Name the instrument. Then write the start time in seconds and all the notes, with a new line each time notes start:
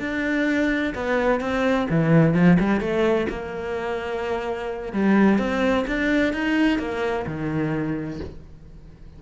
cello
0.00 D4
0.95 B3
1.41 C4
1.90 E3
2.34 F3
2.60 G3
2.81 A3
3.29 A#3
4.93 G3
5.39 C4
5.88 D4
6.34 D#4
6.79 A#3
7.27 D#3